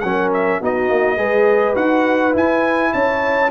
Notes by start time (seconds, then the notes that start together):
0.00 F#3 C#4 A#4 F#5
0.33 E5
0.61 B3 D#4 F#4 D#5
0.90 A#3
1.17 G#3 G#4 B4
1.74 D#4 F#4 F#5
2.32 E4 G#5
2.93 C#4 C#5 A5